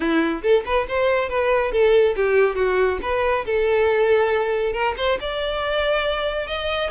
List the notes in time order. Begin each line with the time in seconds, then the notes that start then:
0.00 E4
0.42 A4
0.65 B4
0.88 C5
1.29 B4
1.72 A4
2.15 G4
2.55 F#4
3.02 B4
3.45 A4
4.72 A#4
4.97 C5
5.20 D5
6.47 D#5